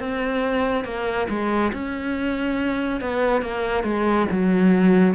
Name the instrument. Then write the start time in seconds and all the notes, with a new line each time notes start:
cello
0.00 C4
0.85 A#3
1.29 G#3
1.73 C#4
3.01 B3
3.42 A#3
3.84 G#3
4.31 F#3